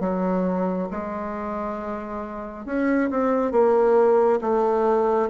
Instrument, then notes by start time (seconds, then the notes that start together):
bassoon
0.00 F#3
0.91 G#3
2.66 C#4
3.10 C4
3.51 A#3
4.41 A3